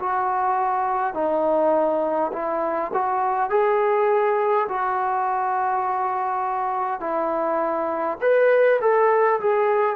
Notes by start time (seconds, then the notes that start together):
0.00 F#4
1.14 D#4
2.33 E4
2.94 F#4
3.50 G#4
4.69 F#4
7.01 E4
8.21 B4
8.81 A4
9.41 G#4